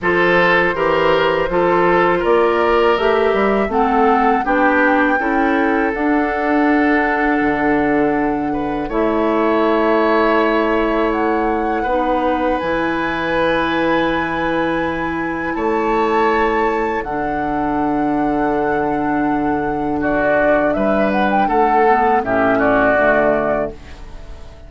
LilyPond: <<
  \new Staff \with { instrumentName = "flute" } { \time 4/4 \tempo 4 = 81 c''2. d''4 | e''4 fis''4 g''2 | fis''1 | e''2. fis''4~ |
fis''4 gis''2.~ | gis''4 a''2 fis''4~ | fis''2. d''4 | e''8 fis''16 g''16 fis''4 e''8 d''4. | }
  \new Staff \with { instrumentName = "oboe" } { \time 4/4 a'4 ais'4 a'4 ais'4~ | ais'4 a'4 g'4 a'4~ | a'2.~ a'8 b'8 | cis''1 |
b'1~ | b'4 cis''2 a'4~ | a'2. fis'4 | b'4 a'4 g'8 fis'4. | }
  \new Staff \with { instrumentName = "clarinet" } { \time 4/4 f'4 g'4 f'2 | g'4 c'4 d'4 e'4 | d'1 | e'1 |
dis'4 e'2.~ | e'2. d'4~ | d'1~ | d'4. b8 cis'4 a4 | }
  \new Staff \with { instrumentName = "bassoon" } { \time 4/4 f4 e4 f4 ais4 | a8 g8 a4 b4 cis'4 | d'2 d2 | a1 |
b4 e2.~ | e4 a2 d4~ | d1 | g4 a4 a,4 d4 | }
>>